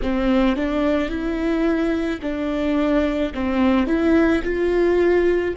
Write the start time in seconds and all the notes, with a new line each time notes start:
0.02 C4
0.56 D4
1.09 E4
2.21 D4
3.33 C4
3.86 E4
4.43 F4